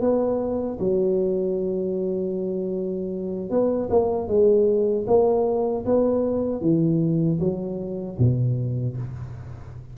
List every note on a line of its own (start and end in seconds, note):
0.00 0.78 B3
0.79 3.50 F#3
3.50 3.89 B3
3.89 4.28 A#3
4.28 5.05 G#3
5.06 5.84 A#3
5.85 6.61 B3
6.61 7.38 E3
7.40 8.17 F#3
8.18 8.96 B2